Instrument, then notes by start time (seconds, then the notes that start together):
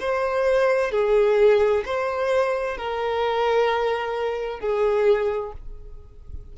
violin
0.00 C5
0.91 G#4
1.85 C5
2.77 A#4
4.60 G#4